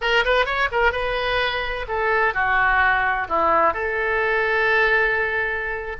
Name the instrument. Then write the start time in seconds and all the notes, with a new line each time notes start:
oboe
0.01 A#4
0.24 B4
0.45 C#5
0.71 A#4
0.92 B4
1.88 A4
2.34 F#4
3.28 E4
3.73 A4